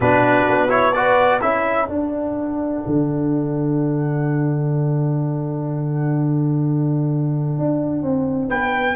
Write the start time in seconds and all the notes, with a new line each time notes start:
0.00 B2 D4 F#4 B4
0.48 B3
0.68 E4 C#5
0.92 F#4 B4 D5
1.40 C#4 E4 A4 E5
1.88 D4 F#5
2.86 D3
7.58 D4
8.02 C4
8.47 B3 B4 G5